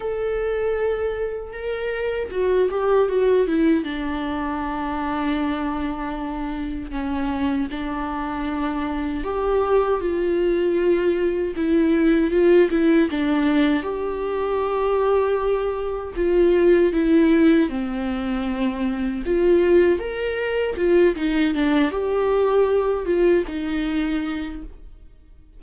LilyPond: \new Staff \with { instrumentName = "viola" } { \time 4/4 \tempo 4 = 78 a'2 ais'4 fis'8 g'8 | fis'8 e'8 d'2.~ | d'4 cis'4 d'2 | g'4 f'2 e'4 |
f'8 e'8 d'4 g'2~ | g'4 f'4 e'4 c'4~ | c'4 f'4 ais'4 f'8 dis'8 | d'8 g'4. f'8 dis'4. | }